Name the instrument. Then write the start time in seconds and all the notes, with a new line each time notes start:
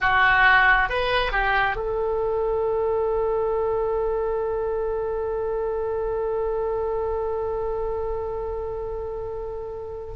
oboe
0.00 F#4
0.89 B4
1.32 G4
1.76 A4